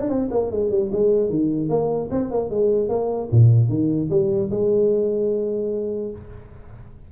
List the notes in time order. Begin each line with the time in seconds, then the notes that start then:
0.00 D4
0.09 C4
0.31 A#3
0.51 G#3
0.70 G3
0.91 G#3
1.29 D#3
1.69 A#3
2.10 C4
2.30 A#3
2.50 G#3
2.89 A#3
3.31 A#2
3.69 D#3
4.09 G3
4.50 G#3